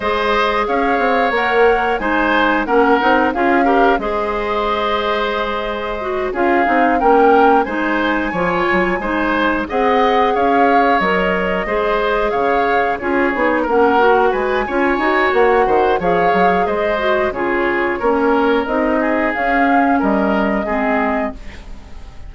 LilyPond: <<
  \new Staff \with { instrumentName = "flute" } { \time 4/4 \tempo 4 = 90 dis''4 f''4 fis''4 gis''4 | fis''4 f''4 dis''2~ | dis''4. f''4 g''4 gis''8~ | gis''2~ gis''8 fis''4 f''8~ |
f''8 dis''2 f''4 cis''8~ | cis''8 fis''4 gis''4. fis''4 | f''4 dis''4 cis''2 | dis''4 f''4 dis''2 | }
  \new Staff \with { instrumentName = "oboe" } { \time 4/4 c''4 cis''2 c''4 | ais'4 gis'8 ais'8 c''2~ | c''4. gis'4 ais'4 c''8~ | c''8 cis''4 c''4 dis''4 cis''8~ |
cis''4. c''4 cis''4 gis'8~ | gis'8 ais'4 b'8 cis''4. c''8 | cis''4 c''4 gis'4 ais'4~ | ais'8 gis'4. ais'4 gis'4 | }
  \new Staff \with { instrumentName = "clarinet" } { \time 4/4 gis'2 ais'4 dis'4 | cis'8 dis'8 f'8 g'8 gis'2~ | gis'4 fis'8 f'8 dis'8 cis'4 dis'8~ | dis'8 f'4 dis'4 gis'4.~ |
gis'8 ais'4 gis'2 f'8 | dis'8 cis'8 fis'4 f'8 fis'4. | gis'4. fis'8 f'4 cis'4 | dis'4 cis'2 c'4 | }
  \new Staff \with { instrumentName = "bassoon" } { \time 4/4 gis4 cis'8 c'8 ais4 gis4 | ais8 c'8 cis'4 gis2~ | gis4. cis'8 c'8 ais4 gis8~ | gis8 f8 fis8 gis4 c'4 cis'8~ |
cis'8 fis4 gis4 cis4 cis'8 | b8 ais4 gis8 cis'8 dis'8 ais8 dis8 | f8 fis8 gis4 cis4 ais4 | c'4 cis'4 g4 gis4 | }
>>